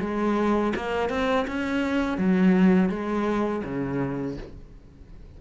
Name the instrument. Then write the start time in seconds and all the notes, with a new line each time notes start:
cello
0.00 G#3
0.76 A#3
1.09 C4
1.47 C#4
2.18 F#3
2.89 G#3
3.64 C#3